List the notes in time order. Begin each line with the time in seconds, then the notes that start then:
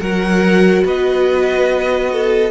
0.00 F#3 F#4 A#4 F#5
0.85 B3 B4 D#5
2.13 A4